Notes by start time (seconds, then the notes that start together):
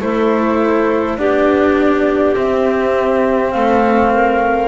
0.00 A3 E4 A4 C5
1.17 B3 D4 G4 D5
2.35 C4 E5
3.51 A3 A4 F5
4.13 A#4